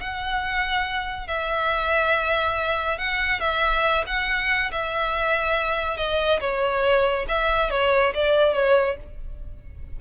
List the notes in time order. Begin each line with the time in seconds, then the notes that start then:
0.00 F#5
1.28 E5
2.98 F#5
3.40 E5
4.07 F#5
4.72 E5
5.97 D#5
6.41 C#5
7.28 E5
7.71 C#5
8.14 D5
8.54 C#5